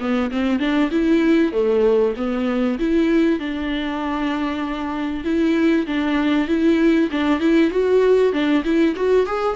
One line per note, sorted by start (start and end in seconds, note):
0.00 0.31 B3
0.31 0.60 C4
0.60 0.91 D4
0.91 1.53 E4
1.53 2.15 A3
2.17 2.79 B3
2.79 3.40 E4
3.40 5.25 D4
5.25 5.87 E4
5.87 6.48 D4
6.48 7.10 E4
7.12 7.40 D4
7.40 7.71 E4
7.71 8.33 F#4
8.33 8.64 D4
8.65 8.96 E4
8.96 9.26 F#4
9.26 9.57 G#4